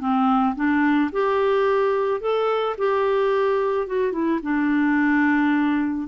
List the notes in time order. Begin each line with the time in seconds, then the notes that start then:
0.00 C4
0.56 D4
1.12 G4
2.20 A4
2.78 G4
3.87 F#4
4.12 E4
4.43 D4